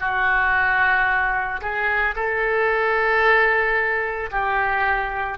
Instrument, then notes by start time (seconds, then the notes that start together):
oboe
0.00 F#4
1.61 G#4
2.16 A4
4.31 G4